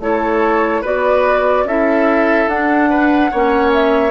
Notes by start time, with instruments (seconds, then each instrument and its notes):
0.00 bassoon A3, clarinet E4, oboe A4, flute C#5
0.82 bassoon B3, clarinet F#4, oboe B4, flute D5
1.64 bassoon C#4, clarinet E4, oboe A4, flute E5
2.48 bassoon D4, clarinet D4, flute F#5
2.90 oboe B4
3.31 bassoon A#3, clarinet C#4, oboe C#5
3.73 flute E5